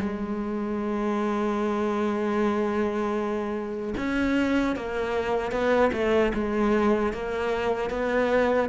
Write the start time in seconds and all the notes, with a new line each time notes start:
0.00 G#3
3.98 C#4
4.76 A#3
5.52 B3
5.93 A3
6.34 G#3
7.13 A#3
7.91 B3